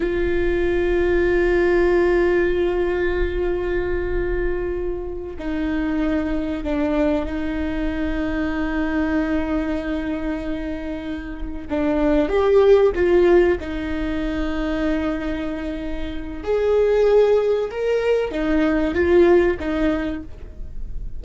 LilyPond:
\new Staff \with { instrumentName = "viola" } { \time 4/4 \tempo 4 = 95 f'1~ | f'1~ | f'8 dis'2 d'4 dis'8~ | dis'1~ |
dis'2~ dis'8 d'4 g'8~ | g'8 f'4 dis'2~ dis'8~ | dis'2 gis'2 | ais'4 dis'4 f'4 dis'4 | }